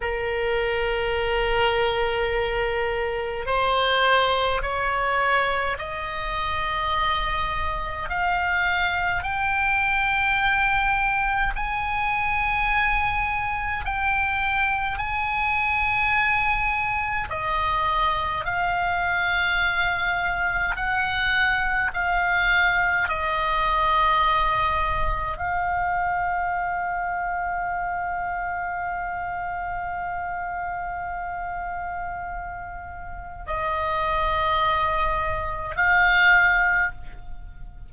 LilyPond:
\new Staff \with { instrumentName = "oboe" } { \time 4/4 \tempo 4 = 52 ais'2. c''4 | cis''4 dis''2 f''4 | g''2 gis''2 | g''4 gis''2 dis''4 |
f''2 fis''4 f''4 | dis''2 f''2~ | f''1~ | f''4 dis''2 f''4 | }